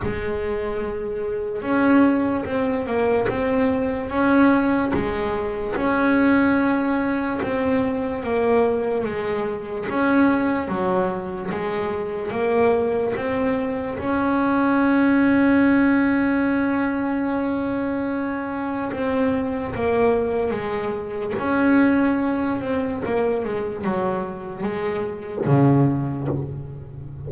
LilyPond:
\new Staff \with { instrumentName = "double bass" } { \time 4/4 \tempo 4 = 73 gis2 cis'4 c'8 ais8 | c'4 cis'4 gis4 cis'4~ | cis'4 c'4 ais4 gis4 | cis'4 fis4 gis4 ais4 |
c'4 cis'2.~ | cis'2. c'4 | ais4 gis4 cis'4. c'8 | ais8 gis8 fis4 gis4 cis4 | }